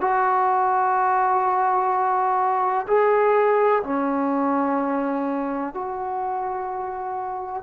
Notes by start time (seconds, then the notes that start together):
0.00 F#4
2.87 G#4
3.83 C#4
5.74 F#4